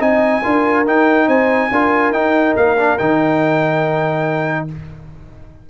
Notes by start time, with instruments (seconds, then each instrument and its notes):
0.00 tuba C4, trombone D#4, horn D#5, trumpet G#5
0.44 tuba D4, trombone F4, horn A#4
0.87 trombone D#4, tuba D#4, trumpet G5
1.28 tuba C4, horn C5, trumpet G#5
1.72 tuba D4, trombone F4, horn A#4
2.12 tuba D#4, trombone D#4, trumpet G5
2.57 tuba A#3, trumpet F5
2.78 trombone D4
2.98 tuba D#3, trombone D#4, trumpet G5